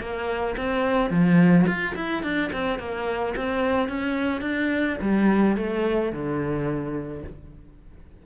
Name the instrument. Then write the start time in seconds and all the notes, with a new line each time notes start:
cello
0.00 A#3
0.57 C4
1.10 F3
1.66 F4
1.95 E4
2.22 D4
2.52 C4
2.78 A#3
3.36 C4
3.88 C#4
4.41 D4
5.01 G3
5.56 A3
6.12 D3